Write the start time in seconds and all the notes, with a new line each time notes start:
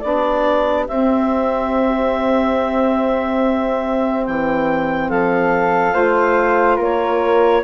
0.00 B3 D4 G4 D5
0.88 C4 E5
4.26 E3 G5
5.09 F3 A4 F5
5.92 A3 F4 C5
6.77 A#3 A#4 C#5